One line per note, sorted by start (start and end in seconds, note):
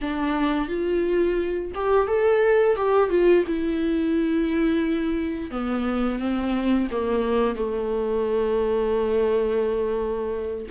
0.01 0.68 D4
0.68 1.71 F4
1.74 2.07 G4
2.07 2.76 A4
2.76 3.09 G4
3.09 3.44 F4
3.46 5.50 E4
5.50 6.19 B3
6.19 6.88 C4
6.91 7.55 A#3
7.55 10.66 A3